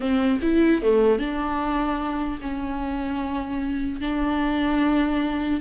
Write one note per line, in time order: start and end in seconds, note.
0.00 0.39 C4
0.42 0.81 E4
0.81 1.19 A3
1.19 2.39 D4
2.41 4.01 C#4
4.01 5.60 D4